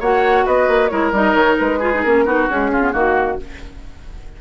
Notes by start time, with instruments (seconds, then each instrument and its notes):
0.00 bassoon A#3, clarinet F#4, oboe C#5, flute F#5
0.45 bassoon B3, oboe B4, flute D#5
0.68 bassoon A#3
0.89 bassoon G#3, clarinet E4, oboe A#4, flute C#5
1.12 bassoon G3, clarinet D#4, flute D#5
1.34 bassoon D#3, flute C#5
1.58 bassoon G#3, flute B4
1.79 clarinet F4, oboe G#4
1.94 clarinet D#4
2.02 bassoon A#3, clarinet C#4, flute A#4
2.26 bassoon B3, clarinet D#4, oboe F#4
2.49 clarinet G#3, bassoon C#4, flute G#4
2.73 clarinet C#4, oboe F4
2.83 clarinet B3
2.92 bassoon D#3, clarinet A#3, oboe F#4, flute F#4